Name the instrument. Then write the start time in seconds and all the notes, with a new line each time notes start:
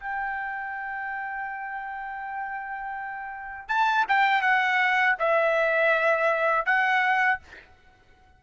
trumpet
0.00 G5
3.69 A5
4.08 G5
4.42 F#5
5.19 E5
6.66 F#5